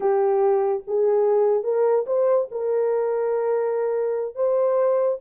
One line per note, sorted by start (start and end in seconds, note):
0.00 0.83 G4
0.87 1.63 G#4
1.63 2.05 A#4
2.06 2.48 C5
2.51 4.35 A#4
4.35 5.18 C5